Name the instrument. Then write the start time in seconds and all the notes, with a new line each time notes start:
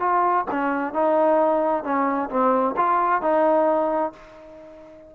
trombone
0.00 F4
0.51 C#4
0.93 D#4
1.84 C#4
2.30 C4
2.77 F4
3.22 D#4